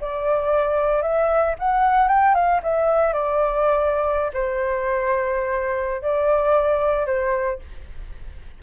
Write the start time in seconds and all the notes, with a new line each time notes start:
0.00 D5
1.02 E5
1.59 F#5
2.08 G5
2.34 F5
2.62 E5
3.13 D5
4.33 C5
6.02 D5
7.06 C5